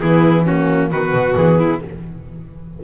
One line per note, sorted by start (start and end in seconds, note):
0.00 0.91 E3
0.00 0.45 B3
0.00 0.45 E4
0.00 0.45 G#4
0.45 0.93 A#3
0.45 0.90 C#4
0.45 0.91 F#4
0.91 1.12 D#3
0.91 1.83 B3
0.91 1.58 F#4
0.91 1.36 B4
1.12 1.35 B2
1.36 1.81 E3
1.36 1.82 G#4
1.58 1.80 E4